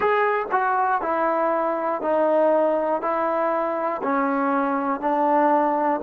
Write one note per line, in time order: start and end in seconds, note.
0.00 0.45 G#4
0.51 1.01 F#4
1.01 2.01 E4
2.01 3.01 D#4
3.01 4.01 E4
4.03 5.00 C#4
5.00 6.00 D4